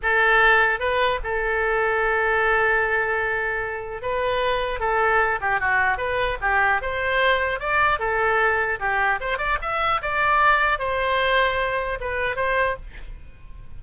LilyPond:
\new Staff \with { instrumentName = "oboe" } { \time 4/4 \tempo 4 = 150 a'2 b'4 a'4~ | a'1~ | a'2 b'2 | a'4. g'8 fis'4 b'4 |
g'4 c''2 d''4 | a'2 g'4 c''8 d''8 | e''4 d''2 c''4~ | c''2 b'4 c''4 | }